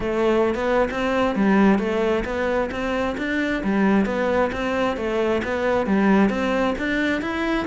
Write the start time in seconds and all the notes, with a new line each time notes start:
0.00 A3
0.54 B3
0.90 C4
1.35 G3
1.78 A3
2.25 B3
2.71 C4
3.17 D4
3.63 G3
4.05 B3
4.52 C4
4.96 A3
5.43 B3
5.86 G3
6.29 C4
6.78 D4
7.21 E4